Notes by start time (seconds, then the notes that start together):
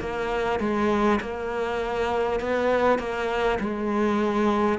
0.00 A#3
0.59 G#3
1.21 A#3
2.40 B3
2.98 A#3
3.59 G#3